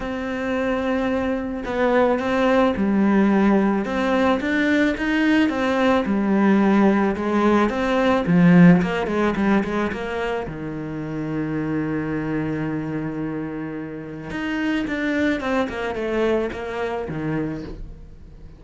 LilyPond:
\new Staff \with { instrumentName = "cello" } { \time 4/4 \tempo 4 = 109 c'2. b4 | c'4 g2 c'4 | d'4 dis'4 c'4 g4~ | g4 gis4 c'4 f4 |
ais8 gis8 g8 gis8 ais4 dis4~ | dis1~ | dis2 dis'4 d'4 | c'8 ais8 a4 ais4 dis4 | }